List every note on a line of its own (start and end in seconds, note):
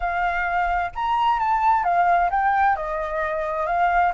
0.00 0.91 F5
0.95 1.39 A#5
1.39 1.84 A5
1.84 2.29 F5
2.30 2.75 G5
2.75 3.66 D#5
3.66 4.12 F5